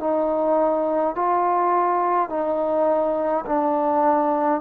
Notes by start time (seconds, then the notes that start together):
0.00 D#4
1.15 F4
2.29 D#4
3.46 D4